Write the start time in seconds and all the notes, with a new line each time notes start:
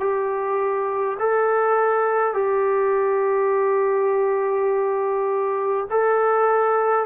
0.00 G4
1.19 A4
2.33 G4
5.90 A4